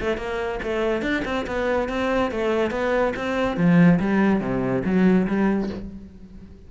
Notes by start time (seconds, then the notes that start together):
0.00 A3
0.17 A#3
0.63 A3
1.02 D4
1.25 C4
1.47 B3
1.89 C4
2.31 A3
2.71 B3
3.16 C4
3.57 F3
4.00 G3
4.41 C3
4.84 F#3
5.27 G3